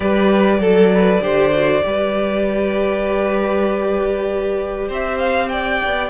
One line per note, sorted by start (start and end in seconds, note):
0.00 0.59 G3
0.00 0.60 G4
0.00 0.59 B4
0.00 4.89 D5
0.59 1.20 F#3
0.59 0.90 A4
0.59 1.21 A4
0.94 1.22 B4
1.21 1.82 D3
1.21 1.52 G4
1.21 1.83 C5
1.53 1.82 F#4
1.82 4.89 G3
1.82 6.10 G4
1.82 4.88 B4
4.88 5.81 C4
4.88 5.49 C5
4.88 5.18 E5
5.18 5.48 F5
5.48 6.10 D5
5.48 6.10 G5
5.85 6.10 B3